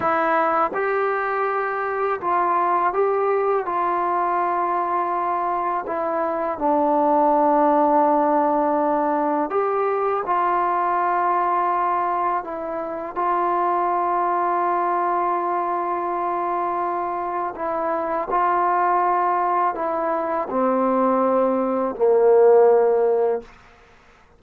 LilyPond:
\new Staff \with { instrumentName = "trombone" } { \time 4/4 \tempo 4 = 82 e'4 g'2 f'4 | g'4 f'2. | e'4 d'2.~ | d'4 g'4 f'2~ |
f'4 e'4 f'2~ | f'1 | e'4 f'2 e'4 | c'2 ais2 | }